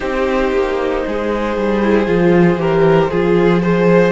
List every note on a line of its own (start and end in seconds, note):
0.00 0.52 C4
0.00 1.80 D#4
0.00 1.03 G4
0.00 4.12 C5
0.52 1.03 A#3
1.07 1.56 G#3
1.07 2.61 G#4
1.56 2.06 G3
1.82 2.06 E4
2.06 2.56 F3
2.06 2.58 F4
2.56 3.07 E3
2.56 3.09 G4
2.56 3.10 A#4
3.10 4.12 F3
3.10 3.62 F4
3.10 3.62 G#4
3.62 4.12 G#4
3.62 4.12 C5